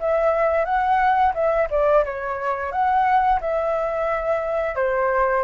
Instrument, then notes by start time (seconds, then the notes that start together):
flute
0.00 E5
0.65 F#5
1.35 E5
1.70 D5
2.05 C#5
2.72 F#5
3.41 E5
4.76 C5